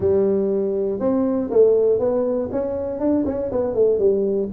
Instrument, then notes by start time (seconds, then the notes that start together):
tuba
0.00 G3
0.99 C4
1.50 A3
1.99 B3
2.51 C#4
2.99 D4
3.25 C#4
3.51 B3
3.74 A3
3.98 G3